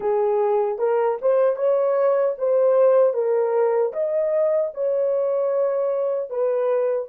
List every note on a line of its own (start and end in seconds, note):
0.00 0.78 G#4
0.78 1.17 A#4
1.21 1.56 C5
1.56 2.35 C#5
2.38 3.13 C5
3.13 3.92 A#4
3.93 4.72 D#5
4.74 6.29 C#5
6.29 7.08 B4